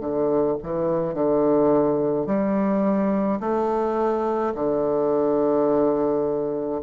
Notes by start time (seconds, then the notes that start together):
0.00 D3
0.63 E3
1.14 D3
2.27 G3
3.40 A3
4.55 D3